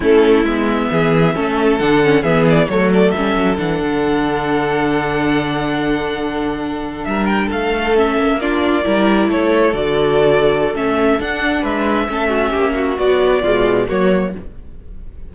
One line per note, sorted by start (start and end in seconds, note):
0.00 0.43 A3
0.00 0.45 C#4
0.00 0.89 E4
0.00 0.45 A4
0.43 0.88 G#3
0.43 1.35 B3
0.43 1.78 E5
0.91 1.35 E3
0.91 1.35 G#4
1.35 1.79 A3
1.35 1.79 C#4
1.35 2.22 A4
1.78 2.23 D3
1.78 2.03 D4
1.78 2.22 F#5
2.03 2.23 C#4
2.22 2.68 E3
2.22 2.68 B3
2.22 2.67 G#4
2.22 2.45 E5
2.49 2.68 D5
2.68 3.13 F#3
2.68 3.15 A3
2.68 7.07 A4
2.68 2.90 C#5
2.93 3.11 D5
3.11 3.35 G3
3.11 3.57 C#4
3.11 3.55 E5
3.35 3.58 F#3
3.57 3.80 E3
3.57 7.93 D4
3.57 7.04 F#5
3.81 7.05 D3
7.04 7.50 G3
7.04 7.47 A#4
7.04 7.25 E5
7.25 7.48 G5
7.47 8.17 A3
7.47 8.36 A4
7.47 7.96 F5
7.95 8.40 C#4
7.95 8.40 E5
8.17 8.84 A#3
8.40 8.83 D4
8.40 8.84 F4
8.40 9.29 D5
8.83 9.28 G3
8.83 9.72 E4
8.83 9.29 A#4
9.28 9.73 A3
9.28 11.61 A4
9.28 9.74 C#5
9.73 10.74 D3
9.73 10.74 F#4
9.73 10.75 D5
10.74 11.19 A3
10.74 11.19 C#4
10.74 11.21 E5
11.19 12.08 D4
11.19 11.63 D4
11.19 11.64 F#5
11.61 12.08 G#3
11.61 12.06 B4
11.61 12.98 E5
12.08 12.53 A3
12.08 12.97 C#4
12.08 12.29 A4
12.29 12.50 F#4
12.50 12.98 A#3
12.50 12.73 G4
12.75 13.42 F#4
12.97 13.42 F#3
12.97 13.43 B3
12.97 13.87 D5
13.42 13.88 B2
13.42 13.88 G#3
13.42 13.86 F4
13.87 14.35 F#3
13.87 14.33 A#3
13.87 14.32 F#4
13.87 14.34 C#5